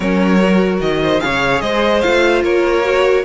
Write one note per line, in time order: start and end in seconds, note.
0.00 0.80 F#3
0.00 0.38 C#4
0.00 1.00 A#4
0.00 0.80 C#5
0.39 1.20 F#4
0.80 1.21 D#3
0.80 1.20 D#5
1.02 1.22 C5
1.20 1.61 C#3
1.20 2.01 G#4
1.20 1.63 C#5
1.20 1.60 F5
1.60 2.02 G#3
1.60 2.43 C5
1.60 2.01 D#5
2.01 2.43 A3
2.01 2.83 F4
2.01 2.41 F5
2.43 3.24 A#3
2.43 3.24 A#4
2.43 3.25 C#5
2.83 3.23 F#4